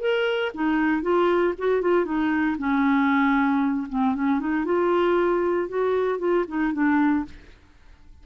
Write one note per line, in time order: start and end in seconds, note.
0.00 0.52 A#4
0.54 1.02 D#4
1.02 1.54 F4
1.58 1.82 F#4
1.82 2.05 F4
2.05 2.57 D#4
2.58 3.87 C#4
3.89 4.15 C4
4.15 4.40 C#4
4.40 4.65 D#4
4.65 5.69 F4
5.69 6.19 F#4
6.19 6.45 F4
6.48 6.73 D#4
6.73 7.25 D4